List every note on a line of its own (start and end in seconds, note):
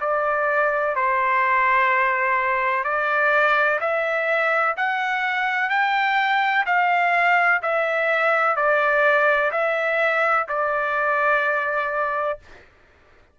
0.00 0.95 D5
0.95 2.84 C5
2.84 3.79 D5
3.80 4.75 E5
4.76 5.69 F#5
5.69 6.65 G5
6.66 7.61 F5
7.62 8.56 E5
8.56 9.51 D5
9.51 10.46 E5
10.48 12.39 D5